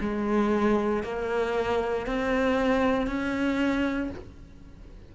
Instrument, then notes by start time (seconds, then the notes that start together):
cello
0.00 G#3
1.03 A#3
2.06 C4
3.06 C#4